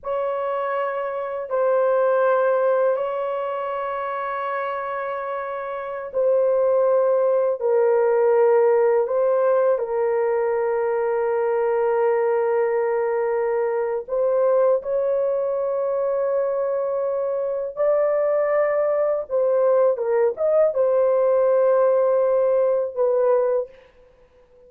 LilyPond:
\new Staff \with { instrumentName = "horn" } { \time 4/4 \tempo 4 = 81 cis''2 c''2 | cis''1~ | cis''16 c''2 ais'4.~ ais'16~ | ais'16 c''4 ais'2~ ais'8.~ |
ais'2. c''4 | cis''1 | d''2 c''4 ais'8 dis''8 | c''2. b'4 | }